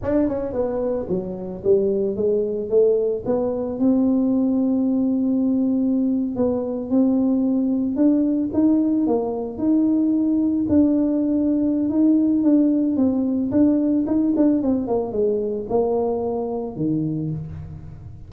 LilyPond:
\new Staff \with { instrumentName = "tuba" } { \time 4/4 \tempo 4 = 111 d'8 cis'8 b4 fis4 g4 | gis4 a4 b4 c'4~ | c'2.~ c'8. b16~ | b8. c'2 d'4 dis'16~ |
dis'8. ais4 dis'2 d'16~ | d'2 dis'4 d'4 | c'4 d'4 dis'8 d'8 c'8 ais8 | gis4 ais2 dis4 | }